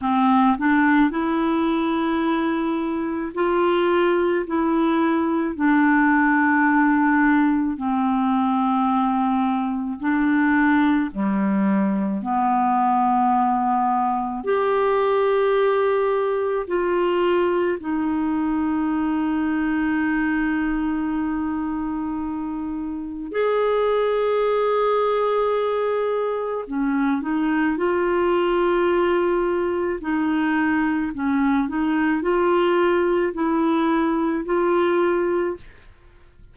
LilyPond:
\new Staff \with { instrumentName = "clarinet" } { \time 4/4 \tempo 4 = 54 c'8 d'8 e'2 f'4 | e'4 d'2 c'4~ | c'4 d'4 g4 b4~ | b4 g'2 f'4 |
dis'1~ | dis'4 gis'2. | cis'8 dis'8 f'2 dis'4 | cis'8 dis'8 f'4 e'4 f'4 | }